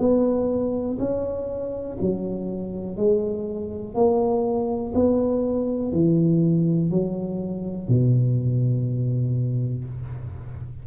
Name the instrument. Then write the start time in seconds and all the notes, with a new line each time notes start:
tuba
0.00 B3
1.00 C#4
2.01 F#3
2.97 G#3
3.95 A#3
4.95 B3
5.92 E3
6.91 F#3
7.89 B2